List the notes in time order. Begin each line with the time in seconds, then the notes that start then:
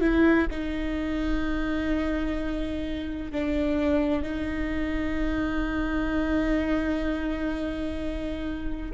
0.00 E4
0.50 D#4
3.32 D4
4.22 D#4